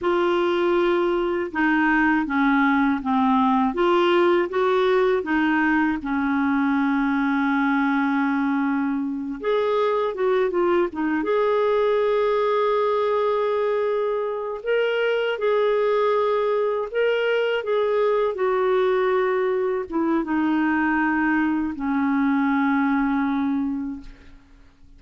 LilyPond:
\new Staff \with { instrumentName = "clarinet" } { \time 4/4 \tempo 4 = 80 f'2 dis'4 cis'4 | c'4 f'4 fis'4 dis'4 | cis'1~ | cis'8 gis'4 fis'8 f'8 dis'8 gis'4~ |
gis'2.~ gis'8 ais'8~ | ais'8 gis'2 ais'4 gis'8~ | gis'8 fis'2 e'8 dis'4~ | dis'4 cis'2. | }